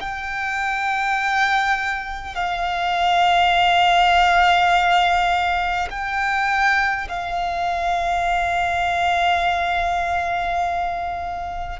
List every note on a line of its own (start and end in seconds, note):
0.00 2.35 G5
2.35 5.88 F5
5.90 7.07 G5
7.09 11.79 F5